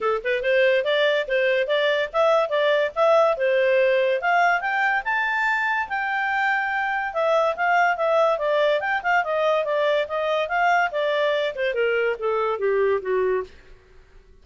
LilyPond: \new Staff \with { instrumentName = "clarinet" } { \time 4/4 \tempo 4 = 143 a'8 b'8 c''4 d''4 c''4 | d''4 e''4 d''4 e''4 | c''2 f''4 g''4 | a''2 g''2~ |
g''4 e''4 f''4 e''4 | d''4 g''8 f''8 dis''4 d''4 | dis''4 f''4 d''4. c''8 | ais'4 a'4 g'4 fis'4 | }